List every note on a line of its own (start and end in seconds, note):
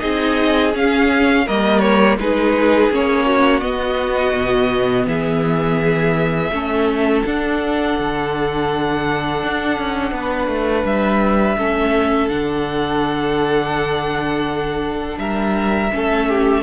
0.00 0.75 C4
0.00 0.72 D#4
0.00 1.46 G#4
0.00 0.72 D#5
0.74 1.46 C#4
0.74 1.47 C#4
0.74 1.48 F5
1.46 2.18 G3
1.46 2.19 A#3
1.46 2.19 A#4
1.46 1.79 D#5
1.79 2.16 C#5
2.18 2.90 G#3
2.18 2.91 D#4
2.18 3.26 G#4
2.18 2.92 B4
2.91 3.62 A#3
2.91 3.61 C#4
2.91 3.60 C#5
3.26 5.07 F#4
3.60 6.50 B3
3.60 4.34 B3
3.60 5.05 D#5
4.34 5.06 B2
5.06 6.51 E3
5.06 6.52 G#4
5.06 7.25 E5
6.51 7.24 A3
6.51 7.25 C#4
6.51 10.15 A4
7.26 7.98 D4
7.26 11.58 D4
7.26 10.86 F#5
7.98 9.43 D3
9.43 9.79 D4
9.79 10.12 C#4
10.12 10.48 B3
10.12 11.58 B4
10.48 10.84 A3
10.85 11.57 G3
10.85 12.29 E5
11.58 12.29 A3
11.58 12.30 C#4
11.58 15.20 A4
12.29 15.18 D3
12.29 15.91 D4
12.29 15.18 F#5
15.18 15.90 G3
15.18 15.93 A#4
15.18 16.63 E5
15.92 16.63 A3
15.92 16.63 C#4
15.92 16.29 A4
16.29 16.63 G4